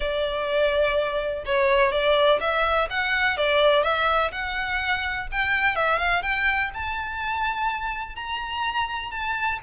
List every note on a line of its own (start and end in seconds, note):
0.00 1.44 D5
1.45 1.91 C#5
1.91 2.39 D5
2.40 2.88 E5
2.90 3.37 F#5
3.37 3.83 D5
3.83 4.31 E5
4.31 5.27 F#5
5.31 5.75 G5
5.75 5.98 E5
5.98 6.22 F5
6.22 6.70 G5
6.74 8.15 A5
8.15 9.11 A#5
9.11 9.59 A5